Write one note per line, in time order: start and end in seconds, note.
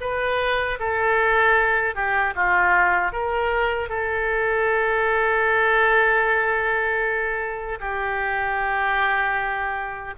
0.00 0.78 B4
0.79 1.94 A4
1.94 2.33 G4
2.35 3.12 F4
3.12 3.89 A#4
3.89 7.78 A4
7.80 10.14 G4